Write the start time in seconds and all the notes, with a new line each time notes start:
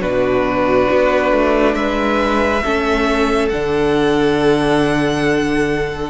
0.00 B2 D4 F#4 B4
0.91 B3
1.32 A3
1.74 G#3 B4 E5
2.63 A3 C#4 A4
3.49 D3 D4 F#5